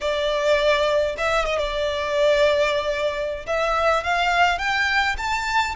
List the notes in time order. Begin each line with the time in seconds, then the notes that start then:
0.00 D5
1.17 E5
1.45 D#5
1.58 D5
3.46 E5
4.03 F5
4.58 G5
5.17 A5